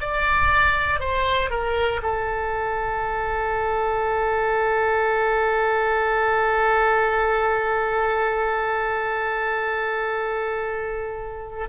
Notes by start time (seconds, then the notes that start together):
0.00 D5
0.99 C5
1.50 A#4
2.02 A4